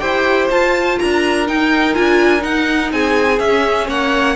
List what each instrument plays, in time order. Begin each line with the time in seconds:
0.00 cello E4, viola G4, violin C5 G5
0.51 cello F4, viola F4, violin A5
0.99 cello D4, violin A#4 A#5
1.47 viola D#4, cello D#4, violin G5
1.95 cello D4, viola F4, violin G#5
2.40 viola D#4, cello D#4, violin F#5
2.92 cello C4, violin G#4 G#5
3.40 cello C#4, viola C#4, violin E5
3.88 cello A#3, violin C#5 F#5